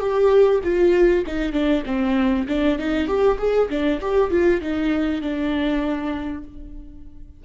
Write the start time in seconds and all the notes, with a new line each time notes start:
0.00 G4
0.64 F4
1.27 D#4
1.53 D4
1.86 C4
2.48 D4
2.79 D#4
3.08 G4
3.39 G#4
3.70 D4
4.01 G4
4.31 F4
4.61 D#4
5.22 D4